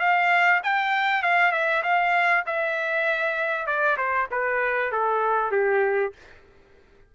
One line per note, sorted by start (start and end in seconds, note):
0.00 0.61 F5
0.63 1.23 G5
1.23 1.52 F5
1.52 1.83 E5
1.83 2.45 F5
2.46 3.67 E5
3.67 3.97 D5
3.97 4.28 C5
4.31 4.92 B4
4.92 5.52 A4
5.52 6.13 G4